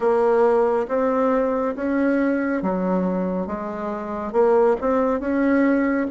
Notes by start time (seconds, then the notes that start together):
0.00 A#3
0.88 C4
1.75 C#4
2.62 F#3
3.46 G#3
4.32 A#3
4.80 C4
5.20 C#4